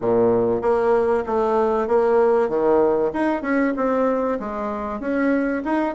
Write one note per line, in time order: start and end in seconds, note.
0.01 0.61 A#2
0.61 1.24 A#3
1.26 1.87 A3
1.87 2.49 A#3
2.49 3.11 D#3
3.13 3.42 D#4
3.42 3.73 C#4
3.76 4.39 C4
4.39 4.99 G#3
4.99 5.62 C#4
5.64 5.95 D#4